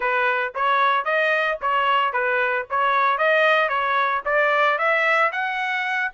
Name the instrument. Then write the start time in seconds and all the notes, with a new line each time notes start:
trumpet
0.00 B4
0.55 C#5
1.05 D#5
1.61 C#5
2.12 B4
2.69 C#5
3.18 D#5
3.68 C#5
4.25 D5
4.78 E5
5.32 F#5